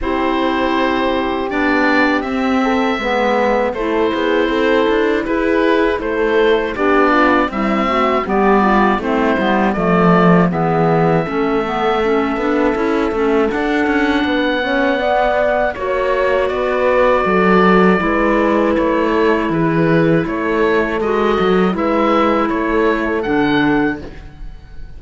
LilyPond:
<<
  \new Staff \with { instrumentName = "oboe" } { \time 4/4 \tempo 4 = 80 c''2 d''4 e''4~ | e''4 c''2 b'4 | c''4 d''4 e''4 d''4 | c''4 d''4 e''2~ |
e''2 fis''2~ | fis''4 cis''4 d''2~ | d''4 cis''4 b'4 cis''4 | dis''4 e''4 cis''4 fis''4 | }
  \new Staff \with { instrumentName = "horn" } { \time 4/4 g'2.~ g'8 a'8 | b'4 a'8 gis'8 a'4 gis'4 | a'4 g'8 f'8 e'8 fis'8 g'8 f'8 | e'4 a'4 gis'4 a'4~ |
a'2. b'8 cis''8 | d''4 cis''4 b'4 a'4 | b'4. a'8 gis'4 a'4~ | a'4 b'4 a'2 | }
  \new Staff \with { instrumentName = "clarinet" } { \time 4/4 e'2 d'4 c'4 | b4 e'2.~ | e'4 d'4 g8 a8 b4 | c'8 b8 a4 b4 cis'8 b8 |
cis'8 d'8 e'8 cis'8 d'4. cis'8 | b4 fis'2. | e'1 | fis'4 e'2 d'4 | }
  \new Staff \with { instrumentName = "cello" } { \time 4/4 c'2 b4 c'4 | gis4 a8 b8 c'8 d'8 e'4 | a4 b4 c'4 g4 | a8 g8 f4 e4 a4~ |
a8 b8 cis'8 a8 d'8 cis'8 b4~ | b4 ais4 b4 fis4 | gis4 a4 e4 a4 | gis8 fis8 gis4 a4 d4 | }
>>